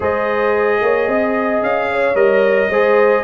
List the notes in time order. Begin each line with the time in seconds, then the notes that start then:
0.00 G#3 G#4 C5 D#5
0.81 A#3 C#5
1.07 C4 D#5
1.62 C#4 F5
1.90 C#5
2.14 G3 A#4 D#5
2.69 G#3 G#4 C5